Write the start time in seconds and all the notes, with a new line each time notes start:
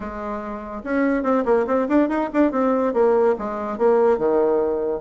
0.00 G#3
0.84 C#4
1.23 C4
1.45 A#3
1.66 C4
1.88 D4
2.08 D#4
2.33 D4
2.51 C4
2.93 A#3
3.38 G#3
3.78 A#3
4.17 D#3